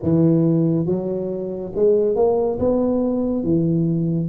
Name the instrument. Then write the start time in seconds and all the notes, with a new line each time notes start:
tuba
0.02 E3
0.86 F#3
1.75 G#3
2.15 A#3
2.59 B3
3.43 E3